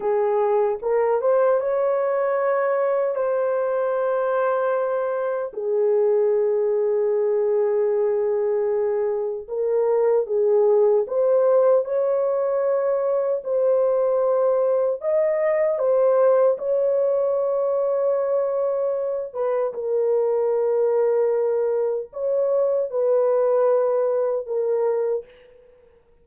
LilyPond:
\new Staff \with { instrumentName = "horn" } { \time 4/4 \tempo 4 = 76 gis'4 ais'8 c''8 cis''2 | c''2. gis'4~ | gis'1 | ais'4 gis'4 c''4 cis''4~ |
cis''4 c''2 dis''4 | c''4 cis''2.~ | cis''8 b'8 ais'2. | cis''4 b'2 ais'4 | }